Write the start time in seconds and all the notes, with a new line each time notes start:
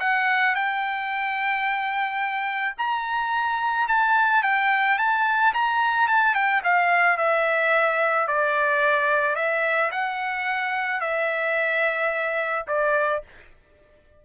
0.00 F#5
0.55 G5
2.78 A#5
3.88 A5
4.43 G5
4.99 A5
5.54 A#5
6.08 A5
6.35 G5
6.64 F5
7.18 E5
8.28 D5
9.36 E5
9.92 F#5
11.01 E5
12.68 D5